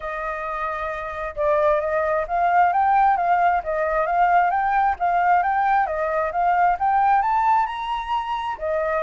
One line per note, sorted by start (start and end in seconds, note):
0.00 1.35 D#5
1.35 1.80 D5
1.80 2.25 D#5
2.27 2.72 F5
2.73 3.17 G5
3.17 3.62 F5
3.63 4.06 D#5
4.06 4.50 F5
4.50 4.95 G5
4.99 5.42 F5
5.42 5.86 G5
5.86 6.31 D#5
6.32 6.77 F5
6.79 7.22 G5
7.22 7.66 A5
7.66 8.56 A#5
8.58 9.03 D#5